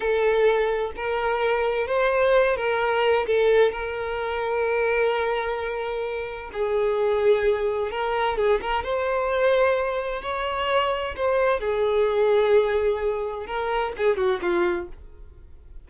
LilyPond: \new Staff \with { instrumentName = "violin" } { \time 4/4 \tempo 4 = 129 a'2 ais'2 | c''4. ais'4. a'4 | ais'1~ | ais'2 gis'2~ |
gis'4 ais'4 gis'8 ais'8 c''4~ | c''2 cis''2 | c''4 gis'2.~ | gis'4 ais'4 gis'8 fis'8 f'4 | }